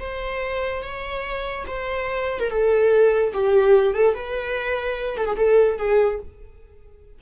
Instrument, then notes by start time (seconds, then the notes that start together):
viola
0.00 C5
0.83 C#5
1.67 C5
2.40 A#4
2.50 A4
3.34 G4
3.94 A4
4.14 B4
5.17 A4
5.26 G#4
5.36 A4
5.78 G#4